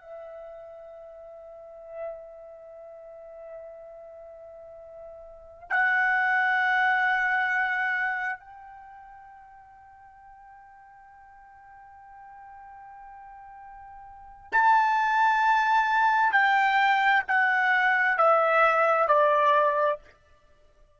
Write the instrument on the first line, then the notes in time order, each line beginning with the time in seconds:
trumpet
0.00 E5
5.69 F#5
8.39 G5
14.52 A5
16.32 G5
17.28 F#5
18.17 E5
19.07 D5